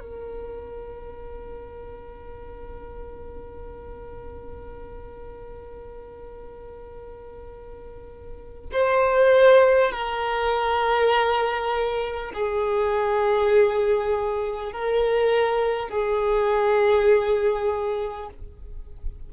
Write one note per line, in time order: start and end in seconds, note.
0.00 8.70 A#4
8.72 9.92 C5
9.92 12.32 A#4
12.34 14.72 G#4
14.72 15.89 A#4
15.89 18.29 G#4